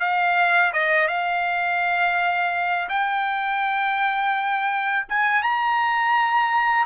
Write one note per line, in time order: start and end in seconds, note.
0.00 0.72 F5
0.73 1.08 D#5
1.08 2.89 F5
2.89 5.06 G5
5.09 5.43 G#5
5.43 6.86 A#5